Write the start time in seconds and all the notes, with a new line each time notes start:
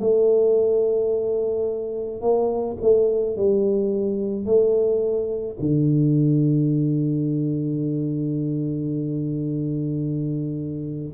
0.00 A3
2.21 A#3
2.81 A3
3.36 G3
4.46 A3
5.60 D3